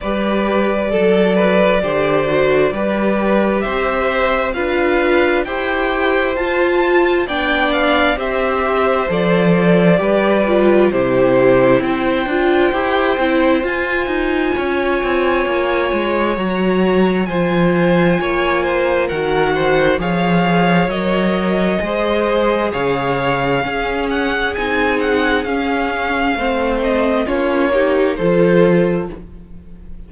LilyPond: <<
  \new Staff \with { instrumentName = "violin" } { \time 4/4 \tempo 4 = 66 d''1 | e''4 f''4 g''4 a''4 | g''8 f''8 e''4 d''2 | c''4 g''2 gis''4~ |
gis''2 ais''4 gis''4~ | gis''4 fis''4 f''4 dis''4~ | dis''4 f''4. fis''8 gis''8 fis''8 | f''4. dis''8 cis''4 c''4 | }
  \new Staff \with { instrumentName = "violin" } { \time 4/4 b'4 a'8 b'8 c''4 b'4 | c''4 b'4 c''2 | d''4 c''2 b'4 | g'4 c''2. |
cis''2. c''4 | cis''8 c''8 ais'8 c''8 cis''2 | c''4 cis''4 gis'2~ | gis'4 c''4 f'8 g'8 a'4 | }
  \new Staff \with { instrumentName = "viola" } { \time 4/4 g'4 a'4 g'8 fis'8 g'4~ | g'4 f'4 g'4 f'4 | d'4 g'4 a'4 g'8 f'8 | e'4. f'8 g'8 e'8 f'4~ |
f'2 fis'4 f'4~ | f'4 fis'4 gis'4 ais'4 | gis'2 cis'4 dis'4 | cis'4 c'4 cis'8 dis'8 f'4 | }
  \new Staff \with { instrumentName = "cello" } { \time 4/4 g4 fis4 d4 g4 | c'4 d'4 e'4 f'4 | b4 c'4 f4 g4 | c4 c'8 d'8 e'8 c'8 f'8 dis'8 |
cis'8 c'8 ais8 gis8 fis4 f4 | ais4 dis4 f4 fis4 | gis4 cis4 cis'4 c'4 | cis'4 a4 ais4 f4 | }
>>